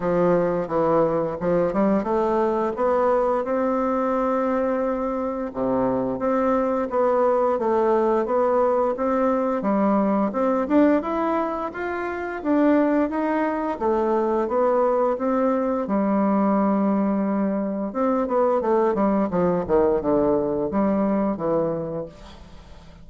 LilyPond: \new Staff \with { instrumentName = "bassoon" } { \time 4/4 \tempo 4 = 87 f4 e4 f8 g8 a4 | b4 c'2. | c4 c'4 b4 a4 | b4 c'4 g4 c'8 d'8 |
e'4 f'4 d'4 dis'4 | a4 b4 c'4 g4~ | g2 c'8 b8 a8 g8 | f8 dis8 d4 g4 e4 | }